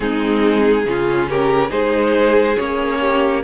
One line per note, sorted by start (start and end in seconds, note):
0.00 0.85 G#3
0.00 0.85 C4
0.00 0.87 D#4
0.00 1.28 G#4
0.85 1.70 C#3
0.85 1.70 C#4
0.85 1.29 F4
1.29 1.69 G4
1.29 1.71 A#4
1.69 2.56 G#3
1.69 2.55 D#4
1.69 2.98 G#4
1.69 2.57 C5
2.57 3.43 A#3
2.57 3.43 C#4
2.57 3.42 C#5
3.00 3.43 G4